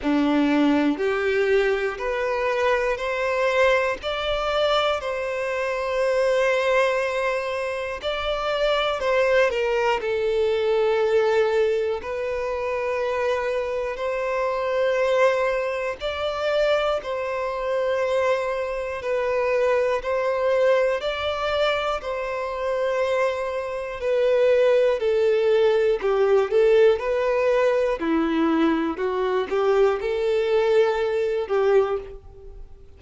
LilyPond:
\new Staff \with { instrumentName = "violin" } { \time 4/4 \tempo 4 = 60 d'4 g'4 b'4 c''4 | d''4 c''2. | d''4 c''8 ais'8 a'2 | b'2 c''2 |
d''4 c''2 b'4 | c''4 d''4 c''2 | b'4 a'4 g'8 a'8 b'4 | e'4 fis'8 g'8 a'4. g'8 | }